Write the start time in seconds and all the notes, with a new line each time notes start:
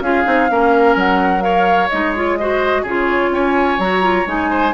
0.00 C#4 F4 G#4 F5
0.24 C4 D#4
0.50 A#3 C#4 A#4
0.95 F#3 F#5
1.40 A#4 C#5 F5
1.89 G#3 D#4 D#5
2.16 F4 C#5
2.37 F#4 C5 D#5
2.82 C#3 F4 G#4 C#5
3.30 C#4 C#5 G#5
3.78 F#3 F#4 A#5
4.02 F4
4.26 G#3 D#4 G#5
4.50 C5